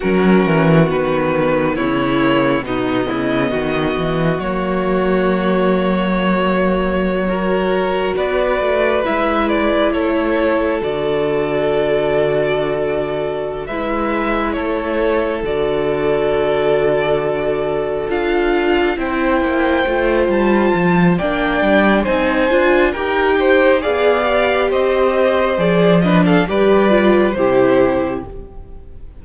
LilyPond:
<<
  \new Staff \with { instrumentName = "violin" } { \time 4/4 \tempo 4 = 68 ais'4 b'4 cis''4 dis''4~ | dis''4 cis''2.~ | cis''4~ cis''16 d''4 e''8 d''8 cis''8.~ | cis''16 d''2.~ d''16 e''8~ |
e''8 cis''4 d''2~ d''8~ | d''8 f''4 g''4. a''4 | g''4 gis''4 g''4 f''4 | dis''4 d''8 dis''16 f''16 d''4 c''4 | }
  \new Staff \with { instrumentName = "violin" } { \time 4/4 fis'2 e'4 dis'8 e'8 | fis'1~ | fis'16 ais'4 b'2 a'8.~ | a'2.~ a'8 b'8~ |
b'8 a'2.~ a'8~ | a'4. c''2~ c''8 | d''4 c''4 ais'8 c''8 d''4 | c''4. b'16 a'16 b'4 g'4 | }
  \new Staff \with { instrumentName = "viola" } { \time 4/4 cis'4 b4. ais8 b4~ | b4 ais2.~ | ais16 fis'2 e'4.~ e'16~ | e'16 fis'2.~ fis'16 e'8~ |
e'4. fis'2~ fis'8~ | fis'8 f'4 e'4 f'4. | d'4 dis'8 f'8 g'4 gis'8 g'8~ | g'4 gis'8 d'8 g'8 f'8 e'4 | }
  \new Staff \with { instrumentName = "cello" } { \time 4/4 fis8 e8 dis4 cis4 b,8 cis8 | dis8 e8 fis2.~ | fis4~ fis16 b8 a8 gis4 a8.~ | a16 d2.~ d16 gis8~ |
gis8 a4 d2~ d8~ | d8 d'4 c'8 ais8 a8 g8 f8 | ais8 g8 c'8 d'8 dis'4 b4 | c'4 f4 g4 c4 | }
>>